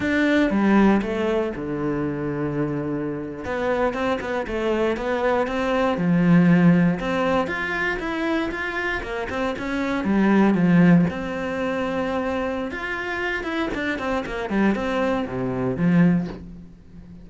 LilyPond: \new Staff \with { instrumentName = "cello" } { \time 4/4 \tempo 4 = 118 d'4 g4 a4 d4~ | d2~ d8. b4 c'16~ | c'16 b8 a4 b4 c'4 f16~ | f4.~ f16 c'4 f'4 e'16~ |
e'8. f'4 ais8 c'8 cis'4 g16~ | g8. f4 c'2~ c'16~ | c'4 f'4. e'8 d'8 c'8 | ais8 g8 c'4 c4 f4 | }